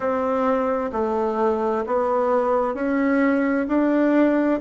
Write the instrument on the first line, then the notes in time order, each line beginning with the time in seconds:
bassoon
0.00 C4
0.92 A3
1.86 B3
2.74 C#4
3.68 D4